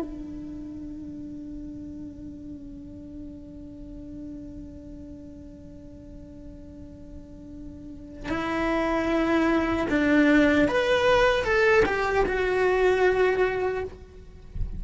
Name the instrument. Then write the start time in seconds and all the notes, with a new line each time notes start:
cello
0.00 D4
8.29 E4
9.89 D4
10.68 B4
11.44 A4
11.85 G4
12.25 F#4